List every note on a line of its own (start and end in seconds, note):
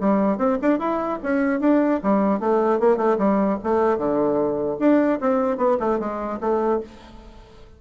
0.00 0.38 G3
0.38 0.58 C4
0.61 0.79 D4
0.79 1.19 E4
1.23 1.60 C#4
1.60 2.00 D4
2.03 2.40 G3
2.40 2.80 A3
2.80 2.97 A#3
2.97 3.17 A3
3.18 3.58 G3
3.63 3.98 A3
3.98 4.78 D3
4.79 5.19 D4
5.21 5.57 C4
5.57 5.77 B3
5.80 5.99 A3
5.99 6.39 G#3
6.40 6.80 A3